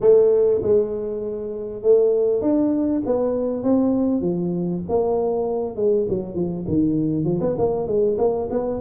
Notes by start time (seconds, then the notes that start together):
0.00 A3
0.62 G#3
1.82 A3
2.41 D4
3.05 B3
3.63 C4
4.21 F3
4.88 A#3
5.75 G#3
6.08 F#3
6.35 F3
6.67 D#3
7.24 F3
7.40 B3
7.58 A#3
7.87 G#3
8.18 A#3
8.50 B3